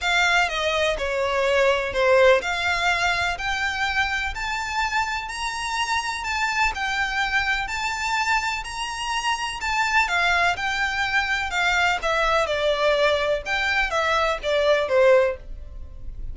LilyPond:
\new Staff \with { instrumentName = "violin" } { \time 4/4 \tempo 4 = 125 f''4 dis''4 cis''2 | c''4 f''2 g''4~ | g''4 a''2 ais''4~ | ais''4 a''4 g''2 |
a''2 ais''2 | a''4 f''4 g''2 | f''4 e''4 d''2 | g''4 e''4 d''4 c''4 | }